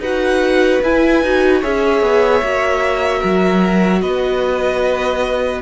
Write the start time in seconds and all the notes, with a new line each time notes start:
0.00 D#4 F#4 B4 F#5
0.83 E4 G#5
1.23 D#4 F#4
1.61 C#4 G#4 C#5 E5
2.02 B3
2.42 A#3 F#4
3.20 F#3 A#4
4.02 B3 B4 D#5